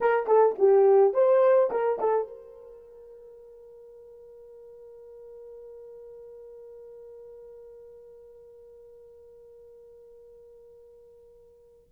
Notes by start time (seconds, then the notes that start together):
0.01 A#4
0.27 A4
0.58 G4
1.13 C5
1.70 A#4
1.99 A4
2.27 A#4